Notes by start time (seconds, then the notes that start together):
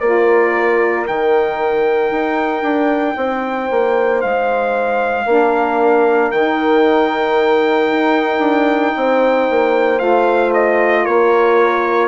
0.00 A#3 F4 A#4 D5
1.06 D#3 D#4 G5
2.11 D#4
2.62 D4
3.16 C4 C5
3.70 A#3
4.21 G#3 F5
5.25 A#3 D4 A#4
6.31 D#3 D#4 G5
7.91 D#4
8.39 D4
8.96 C4 C5
9.50 A#3
9.98 A3 F4 F5
10.53 D#5
11.03 A#3 A#4 C#5